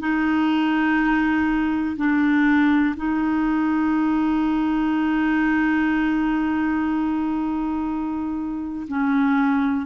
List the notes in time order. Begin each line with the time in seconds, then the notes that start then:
0.00 D#4
1.97 D4
2.97 D#4
8.88 C#4